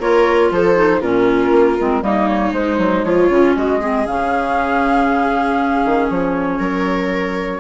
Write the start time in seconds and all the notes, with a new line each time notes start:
0.00 A#3 F4 A#4 C#5
0.51 F3 A4 C5
0.75 D#4
0.99 A#2 C#4 F4 A#4
1.51 A#3
1.78 G#3 C4
2.02 G3 A#3 D#4 D#5
2.28 C#5
2.52 G#3 C5
2.77 F#3
3.04 F3 F4 C#5
3.29 C#3 C#4
3.56 G#3 F#4 D#5
3.81 C4 G#4
4.06 C#3 C#4 F5
5.85 D#3
6.09 F3 C#5
6.59 F#3 A#4